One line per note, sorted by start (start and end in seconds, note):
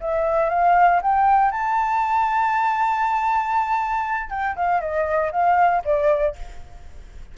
0.00 0.49 E5
0.49 1.00 F5
1.02 1.51 G5
1.51 4.30 A5
4.30 4.55 G5
4.56 4.81 F5
4.81 5.31 D#5
5.32 5.83 F5
5.85 6.36 D5